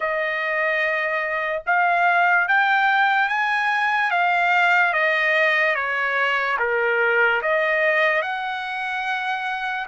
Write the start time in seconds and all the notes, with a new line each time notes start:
0.00 D#5
1.66 F5
2.47 G5
3.29 G#5
4.11 F5
4.93 D#5
5.75 C#5
6.59 A#4
7.42 D#5
8.22 F#5